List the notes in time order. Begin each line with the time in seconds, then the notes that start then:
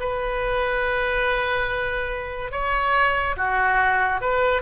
0.00 B4
2.51 C#5
3.36 F#4
4.21 B4